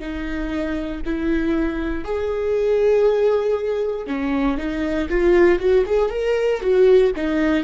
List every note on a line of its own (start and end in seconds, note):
0.00 1.02 D#4
1.06 2.05 E4
2.05 4.07 G#4
4.07 4.58 C#4
4.58 5.09 D#4
5.10 5.60 F4
5.60 5.85 F#4
5.86 6.10 G#4
6.10 6.61 A#4
6.61 7.12 F#4
7.16 7.64 D#4